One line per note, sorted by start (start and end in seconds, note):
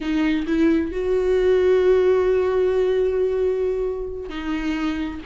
0.00 0.46 D#4
0.46 0.91 E4
0.91 4.29 F#4
4.29 5.20 D#4